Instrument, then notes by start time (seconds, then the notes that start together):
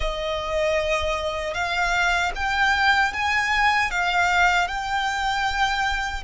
violin
0.00 D#5
1.54 F5
2.35 G5
3.13 G#5
3.90 F5
4.68 G5